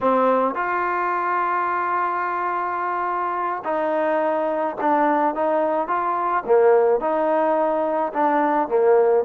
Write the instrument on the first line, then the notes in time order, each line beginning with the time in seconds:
trombone
0.00 C4
0.54 F4
3.64 D#4
4.80 D4
5.34 D#4
5.87 F4
6.45 A#3
7.00 D#4
8.13 D4
8.68 A#3